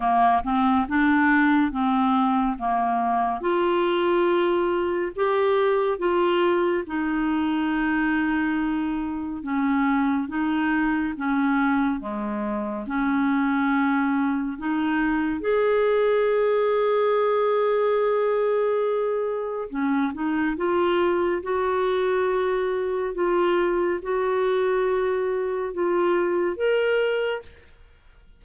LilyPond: \new Staff \with { instrumentName = "clarinet" } { \time 4/4 \tempo 4 = 70 ais8 c'8 d'4 c'4 ais4 | f'2 g'4 f'4 | dis'2. cis'4 | dis'4 cis'4 gis4 cis'4~ |
cis'4 dis'4 gis'2~ | gis'2. cis'8 dis'8 | f'4 fis'2 f'4 | fis'2 f'4 ais'4 | }